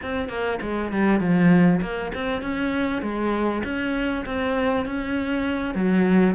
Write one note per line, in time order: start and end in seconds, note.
0.02 0.28 C4
0.28 0.59 A#3
0.61 0.91 G#3
0.91 1.20 G3
1.20 1.80 F3
1.81 2.12 A#3
2.14 2.41 C4
2.41 3.02 C#4
3.02 3.62 G#3
3.64 4.24 C#4
4.25 4.85 C4
4.85 5.74 C#4
5.74 6.34 F#3